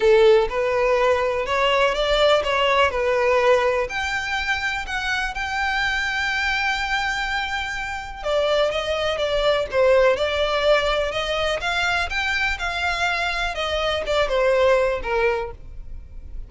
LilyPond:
\new Staff \with { instrumentName = "violin" } { \time 4/4 \tempo 4 = 124 a'4 b'2 cis''4 | d''4 cis''4 b'2 | g''2 fis''4 g''4~ | g''1~ |
g''4 d''4 dis''4 d''4 | c''4 d''2 dis''4 | f''4 g''4 f''2 | dis''4 d''8 c''4. ais'4 | }